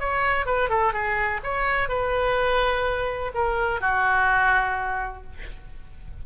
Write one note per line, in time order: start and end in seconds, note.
0.00 0.46 C#5
0.46 0.69 B4
0.69 0.93 A4
0.93 1.41 G#4
1.44 1.89 C#5
1.89 3.32 B4
3.34 3.81 A#4
3.81 5.23 F#4